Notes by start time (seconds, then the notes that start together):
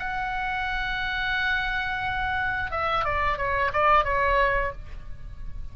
0.00 F#5
2.71 E5
3.05 D5
3.38 C#5
3.73 D5
4.04 C#5